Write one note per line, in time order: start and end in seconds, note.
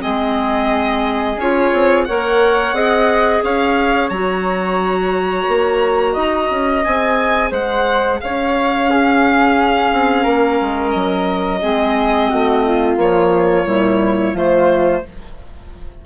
0.00 1.37 G#3
0.00 1.36 C4
0.00 2.07 G#4
0.00 1.38 D#5
1.37 1.71 C#4
1.37 2.08 F4
1.37 2.05 C#5
1.74 2.08 C4
2.05 2.73 A#3
2.05 2.75 A#4
2.05 2.75 C#5
2.05 3.41 F#5
2.73 3.41 C4
2.73 4.11 G#4
2.73 3.43 D#5
3.43 4.10 C#4
3.43 6.13 C#5
3.43 4.10 F5
4.10 5.47 F#3
4.10 6.83 F#4
4.10 6.83 A#5
5.48 6.16 A#3
6.13 6.50 D#4
6.13 7.49 D#5
6.51 6.85 C#4
6.83 7.52 C4
6.83 8.87 G#4
6.83 7.53 G#5
7.51 8.20 G#3
7.51 8.19 C5
7.51 8.21 F#5
8.21 9.92 C#4
8.21 8.90 C#5
8.21 10.90 F5
8.87 11.60 C#4
8.87 10.23 G#4
9.92 10.26 C4
10.23 10.60 A#3
10.23 11.59 A#4
10.61 10.95 G#3
10.90 11.63 F#3
10.90 12.95 D#5
11.62 12.31 G#3
11.62 12.98 C4
11.62 12.30 G#4
12.30 12.96 A3
12.30 12.64 F#4
12.66 13.67 F4
12.96 13.65 F3
12.96 13.64 A#3
12.96 14.37 C#5
13.64 14.32 A#2
13.64 14.34 G3
13.64 14.35 E4
14.34 15.02 F3
14.34 15.03 A3
14.34 15.03 F4
14.34 15.06 C5